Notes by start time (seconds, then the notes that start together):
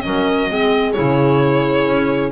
0.00 F#3 C#4 A#4 D#5
0.48 G#3 C4 G#4
0.92 C#3 E4 C#5
1.87 C#4